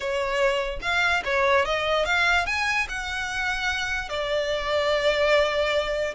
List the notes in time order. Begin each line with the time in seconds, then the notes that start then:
0.00 C#5
0.81 F5
1.25 C#5
1.65 D#5
2.05 F5
2.46 G#5
2.88 F#5
4.09 D5